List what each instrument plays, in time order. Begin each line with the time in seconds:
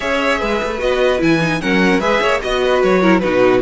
0.00 cello C#4, viola G#4, violin C#5 E5
0.39 cello G#3, violin B4
0.63 cello A3
0.78 cello B3, viola F#4, violin D#5
1.19 cello E3, viola E4, violin G#5
1.40 viola D#4
1.60 cello F#3, viola C#4, violin A#4 F#5
1.99 cello G#3, viola G#4, violin B4 E5
2.20 cello A#3, violin C#5
2.42 cello B3, viola F#4, violin D#5
2.64 violin B4
2.83 cello F#3, violin C#5
3.01 viola E4, violin A#4
3.19 cello B2, viola D#4, violin F#4 B4